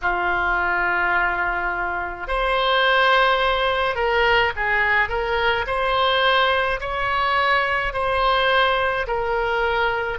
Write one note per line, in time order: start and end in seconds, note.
0.01 2.27 F4
2.27 3.95 C5
3.95 4.51 A#4
4.55 5.08 G#4
5.08 5.65 A#4
5.67 6.80 C5
6.80 7.92 C#5
7.92 9.06 C5
9.07 10.18 A#4